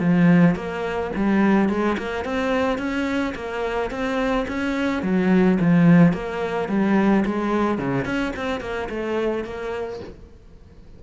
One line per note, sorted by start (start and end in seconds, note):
0.00 0.55 F3
0.55 1.11 A#3
1.16 1.69 G3
1.69 1.97 G#3
1.98 2.25 A#3
2.25 2.79 C4
2.79 3.34 C#4
3.35 3.90 A#3
3.90 4.46 C4
4.48 5.03 C#4
5.03 5.58 F#3
5.60 6.13 F3
6.13 6.68 A#3
6.69 7.24 G3
7.26 7.79 G#3
7.79 8.05 C#3
8.05 8.33 C#4
8.36 8.61 C4
8.61 8.89 A#3
8.89 9.44 A3
9.44 10.00 A#3